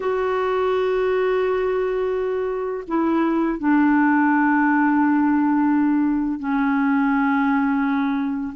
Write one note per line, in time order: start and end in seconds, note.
0.00 2.84 F#4
2.87 3.58 E4
3.58 6.39 D4
6.39 8.53 C#4